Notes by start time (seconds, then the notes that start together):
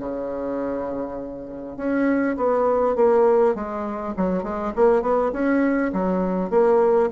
0.00 C#3
1.77 C#4
2.37 B3
2.96 A#3
3.55 G#3
4.17 F#3
4.44 G#3
4.76 A#3
5.03 B3
5.33 C#4
5.93 F#3
6.51 A#3